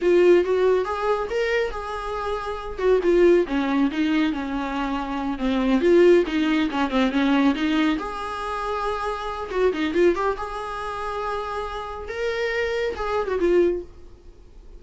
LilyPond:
\new Staff \with { instrumentName = "viola" } { \time 4/4 \tempo 4 = 139 f'4 fis'4 gis'4 ais'4 | gis'2~ gis'8 fis'8 f'4 | cis'4 dis'4 cis'2~ | cis'8 c'4 f'4 dis'4 cis'8 |
c'8 cis'4 dis'4 gis'4.~ | gis'2 fis'8 dis'8 f'8 g'8 | gis'1 | ais'2 gis'8. fis'16 f'4 | }